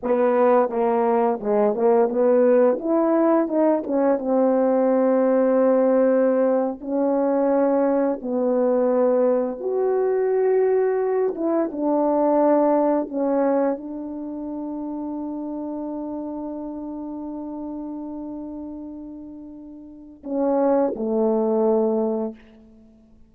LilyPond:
\new Staff \with { instrumentName = "horn" } { \time 4/4 \tempo 4 = 86 b4 ais4 gis8 ais8 b4 | e'4 dis'8 cis'8 c'2~ | c'4.~ c'16 cis'2 b16~ | b4.~ b16 fis'2~ fis'16~ |
fis'16 e'8 d'2 cis'4 d'16~ | d'1~ | d'1~ | d'4 cis'4 a2 | }